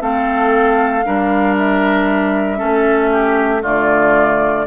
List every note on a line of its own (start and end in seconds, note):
0.00 1.05 A3
0.00 1.03 C4
0.00 1.05 A4
0.00 1.56 F5
1.05 2.62 G3
1.05 2.57 D4
1.05 2.58 A#4
1.58 3.63 E5
2.57 3.64 A3
2.57 3.60 C#4
2.57 3.10 A4
3.11 3.62 G4
3.62 4.67 D3
3.62 4.66 A3
3.62 4.65 F4
3.62 4.67 D5